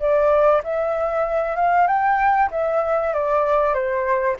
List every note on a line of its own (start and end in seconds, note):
0.00 0.62 D5
0.64 1.56 E5
1.56 1.88 F5
1.88 2.50 G5
2.51 3.14 E5
3.14 3.74 D5
3.74 4.37 C5